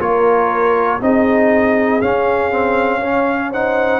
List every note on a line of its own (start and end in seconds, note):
0.00 1.00 A#3
0.00 1.00 F4
0.00 1.01 A#4
0.00 1.01 C#5
1.01 2.01 C4
1.01 2.01 D#4
1.01 3.00 G#4
1.01 2.01 D#5
2.01 2.51 C#4
2.01 4.00 C#4
2.01 3.51 F5
2.51 3.01 C4
3.00 3.53 C#4
3.00 3.50 C#5
3.51 4.00 D#4
3.51 4.00 C5
3.51 4.00 F#5